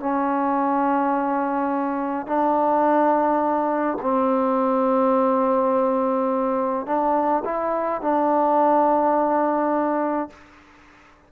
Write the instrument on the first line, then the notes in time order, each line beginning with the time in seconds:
trombone
0.00 C#4
2.27 D4
4.02 C4
6.86 D4
7.45 E4
8.02 D4